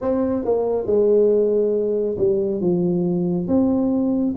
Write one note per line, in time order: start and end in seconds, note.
0.01 0.44 C4
0.44 0.86 A#3
0.86 2.16 G#3
2.17 2.60 G3
2.60 3.47 F3
3.47 4.34 C4